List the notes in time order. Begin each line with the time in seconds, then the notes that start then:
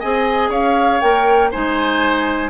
0.00 C4 G#4 D#5 G#5
0.49 C#4 C#5 F5
1.01 A#3 A#4 G5
1.51 G#3 D#4 C5 G#5